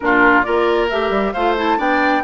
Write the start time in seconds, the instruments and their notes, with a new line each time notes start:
0.00 bassoon A#2, clarinet D4, oboe F4, flute A#4
0.42 bassoon A#3, clarinet F4, oboe A#4, flute D5
0.89 bassoon A3, clarinet G4, flute E5
1.10 bassoon G3
1.32 bassoon A3, clarinet F4, oboe C5, flute F5
1.57 clarinet E4, flute A5
1.78 bassoon B3, clarinet D4, oboe D5, flute G5